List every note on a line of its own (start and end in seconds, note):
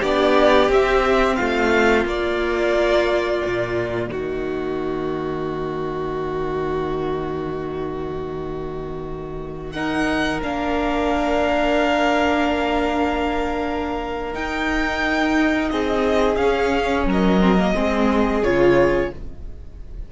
0.00 0.69 B3
0.00 0.69 D4
0.00 1.36 G4
0.00 0.71 D5
0.69 1.37 C4
0.69 2.05 C4
0.69 1.36 E5
1.36 2.05 A3
1.36 4.10 F4
1.36 2.04 F5
2.05 3.41 A#3
2.05 9.72 A#3
2.05 4.10 D5
3.46 4.09 A#2
4.09 10.40 D#3
4.09 9.73 F#4
4.09 9.72 D#5
9.72 10.41 D#4
9.72 15.71 A#4
9.72 10.40 F#5
10.41 14.34 A#3
10.41 14.33 D4
10.41 14.34 F5
14.33 16.38 D#4
14.33 15.71 D#4
14.33 15.69 G5
15.69 16.37 C4
15.69 17.07 G#4
15.69 16.36 D#5
16.36 17.05 C#4
16.36 17.41 C#4
16.36 17.04 F5
17.05 17.74 F#3
17.05 17.74 A#4
17.05 18.44 D#5
17.41 17.58 C4
17.58 17.74 A#3
17.74 18.43 G#3
17.74 18.42 C4
17.74 19.11 G#4
18.43 19.11 C#3
18.43 19.12 F4
18.43 19.12 C#5